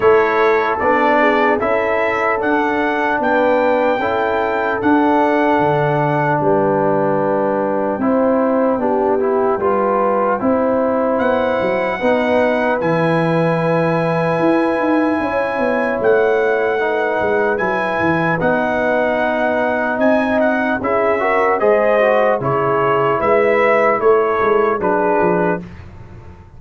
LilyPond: <<
  \new Staff \with { instrumentName = "trumpet" } { \time 4/4 \tempo 4 = 75 cis''4 d''4 e''4 fis''4 | g''2 fis''2 | g''1~ | g''2 fis''2 |
gis''1 | fis''2 gis''4 fis''4~ | fis''4 gis''8 fis''8 e''4 dis''4 | cis''4 e''4 cis''4 b'4 | }
  \new Staff \with { instrumentName = "horn" } { \time 4/4 a'4. gis'8 a'2 | b'4 a'2. | b'2 c''4 g'4 | b'4 c''2 b'4~ |
b'2. cis''4~ | cis''4 b'2.~ | b'4 dis''4 gis'8 ais'8 c''4 | gis'4 b'4 a'4 gis'4 | }
  \new Staff \with { instrumentName = "trombone" } { \time 4/4 e'4 d'4 e'4 d'4~ | d'4 e'4 d'2~ | d'2 e'4 d'8 e'8 | f'4 e'2 dis'4 |
e'1~ | e'4 dis'4 e'4 dis'4~ | dis'2 e'8 fis'8 gis'8 fis'8 | e'2. d'4 | }
  \new Staff \with { instrumentName = "tuba" } { \time 4/4 a4 b4 cis'4 d'4 | b4 cis'4 d'4 d4 | g2 c'4 b4 | g4 c'4 b8 fis8 b4 |
e2 e'8 dis'8 cis'8 b8 | a4. gis8 fis8 e8 b4~ | b4 c'4 cis'4 gis4 | cis4 gis4 a8 gis8 fis8 f8 | }
>>